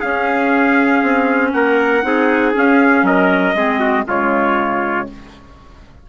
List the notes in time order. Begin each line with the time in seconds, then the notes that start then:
0.00 C#4 G#4 F5
1.03 C4
1.53 A#3 A#4 F#5
2.03 C4 D#4 G#4
2.53 C#4 F5
3.03 F#3 A#4 D#5
3.55 G#3 C4 G#4
3.80 F#4
4.07 C#3 G#3 F4 C#5